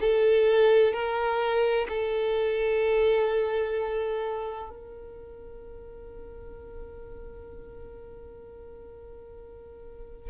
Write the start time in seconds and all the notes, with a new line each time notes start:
0.00 A4
0.93 A#4
1.88 A4
4.69 A#4